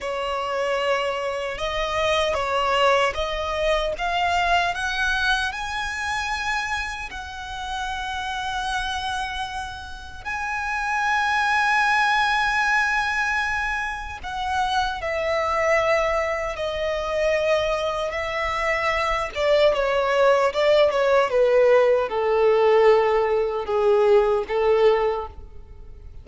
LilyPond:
\new Staff \with { instrumentName = "violin" } { \time 4/4 \tempo 4 = 76 cis''2 dis''4 cis''4 | dis''4 f''4 fis''4 gis''4~ | gis''4 fis''2.~ | fis''4 gis''2.~ |
gis''2 fis''4 e''4~ | e''4 dis''2 e''4~ | e''8 d''8 cis''4 d''8 cis''8 b'4 | a'2 gis'4 a'4 | }